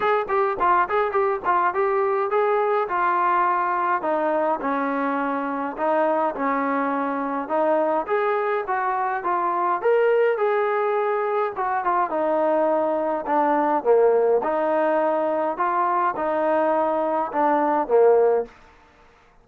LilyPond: \new Staff \with { instrumentName = "trombone" } { \time 4/4 \tempo 4 = 104 gis'8 g'8 f'8 gis'8 g'8 f'8 g'4 | gis'4 f'2 dis'4 | cis'2 dis'4 cis'4~ | cis'4 dis'4 gis'4 fis'4 |
f'4 ais'4 gis'2 | fis'8 f'8 dis'2 d'4 | ais4 dis'2 f'4 | dis'2 d'4 ais4 | }